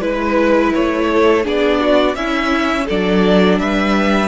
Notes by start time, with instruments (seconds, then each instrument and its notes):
0.00 cello G#3, viola E4, violin B4
0.74 cello A3, violin C#5
1.11 violin A4
1.44 cello B3, viola D4, violin G#4 D5
1.80 violin F#4
2.15 cello C#4, viola C#4, violin E4 E5
2.85 cello F#3, viola D4, violin A4 D5
3.59 cello G3, violin B4 E5